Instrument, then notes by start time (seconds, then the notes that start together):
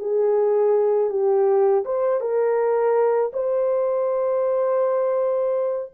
horn
0.00 G#4
1.11 G4
1.85 C5
2.21 A#4
3.33 C5